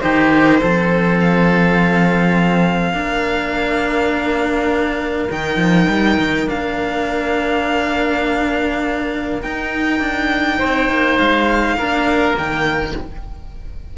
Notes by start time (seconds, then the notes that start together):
0.00 D#3 D#4 G4 C5
0.61 F3 C4 A4
1.20 F5
2.93 A#3 D4 A#4
5.30 D#3 D#4 G5
5.57 F3
5.89 G3
6.18 D#3
6.47 A#3 D4 F5
9.42 D#4 G5
10.00 D4
10.59 C4 C5
10.90 A#3
11.18 G#3 F5
11.76 A#3 D4 A#4
12.33 D#3 A#3 G5